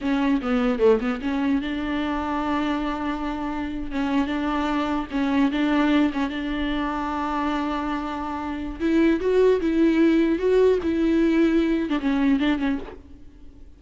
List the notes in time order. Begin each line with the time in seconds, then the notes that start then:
0.01 C#4
0.41 B3
0.79 A3
1.00 B3
1.21 C#4
1.61 D4
3.91 C#4
4.26 D4
5.11 C#4
5.51 D4
6.13 C#4
6.29 D4
8.79 E4
9.20 F#4
9.60 E4
10.38 F#4
10.83 E4
11.89 D4
12.00 C#4
12.39 D4
12.59 C#4